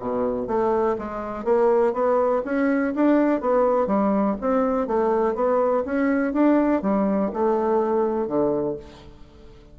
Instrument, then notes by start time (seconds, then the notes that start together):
bassoon
0.00 B2
0.47 A3
0.99 G#3
1.45 A#3
1.94 B3
2.45 C#4
2.96 D4
3.41 B3
3.87 G3
4.41 C4
4.88 A3
5.35 B3
5.86 C#4
6.34 D4
6.82 G3
7.34 A3
8.28 D3